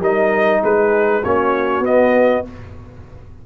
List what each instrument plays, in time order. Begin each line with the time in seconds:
0.00 tuba G3, trombone D#4, horn A#4, trumpet D#5
0.60 tuba G#3, horn G#4, trumpet B4
1.23 tuba A#3, trombone C#4, horn F#4, trumpet C#5
1.79 tuba B3, trombone B3, trumpet D#5